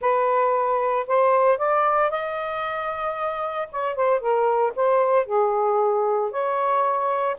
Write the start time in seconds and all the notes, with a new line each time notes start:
0.01 B4
1.07 C5
1.57 D5
2.10 D#5
3.71 C#5
3.95 C5
4.20 A#4
4.75 C5
5.25 G#4
6.31 C#5